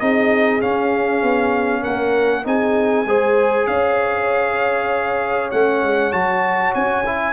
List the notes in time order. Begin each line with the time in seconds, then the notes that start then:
0.00 C4 D#4 G#4 D#5
0.61 C#4 F5
1.22 B3
1.82 A#3 A#4 F#5
2.45 C4 D#4 G#4 G#5
3.06 G#3 G#4 C5
3.67 C#4 C#5 F5
5.51 A3 C#4 F#5
5.83 G#3
6.12 F#3 F#4 A5
6.74 C#4 G#5
7.06 E4